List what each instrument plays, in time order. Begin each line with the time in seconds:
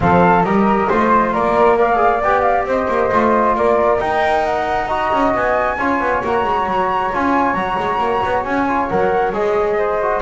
0.00 double bass F3, trombone C4, flute A4 F5
0.43 double bass G3, trombone G4, flute A#4 D#5
0.89 double bass A3, trombone F4, flute C5
1.33 double bass A#3, flute A#4 D5
1.76 trombone A#4, flute D5 F5
1.96 trombone G#4
2.22 double bass B3, trombone G4, flute G5
2.41 flute F5
2.64 double bass C4, flute C5 D#5
2.88 double bass A#3
3.12 double bass A3, trombone F4
3.55 double bass A#3, flute A#4 D5
3.98 trombone D#4, double bass D#4, flute G5
4.45 flute F#5
4.86 trombone F#4, flute D#5 A#5
5.12 double bass C#4
5.33 double bass B3, flute G#5
5.77 double bass C#4, trombone F4, flute C#5
5.99 double bass B3
6.23 double bass A#3, trombone F#4, flute A#5
6.44 double bass G#3
6.66 double bass F#3
7.12 double bass C#4, trombone F4, flute G#5
7.53 double bass F#3, trombone F#4, flute A#5
7.78 double bass G#3
7.98 double bass A#3
8.25 double bass B3
8.43 double bass C#4, flute G#5
8.68 trombone F4
8.88 double bass F#3, trombone A#4, flute F#5
9.32 double bass G#3, trombone G#4, flute D#5
9.78 flute C5
10.02 trombone F#4